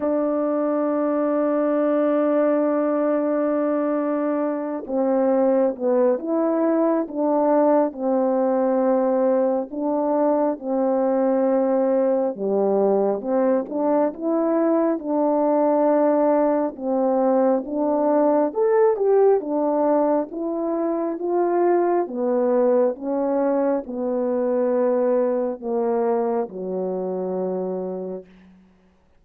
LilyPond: \new Staff \with { instrumentName = "horn" } { \time 4/4 \tempo 4 = 68 d'1~ | d'4. c'4 b8 e'4 | d'4 c'2 d'4 | c'2 g4 c'8 d'8 |
e'4 d'2 c'4 | d'4 a'8 g'8 d'4 e'4 | f'4 b4 cis'4 b4~ | b4 ais4 fis2 | }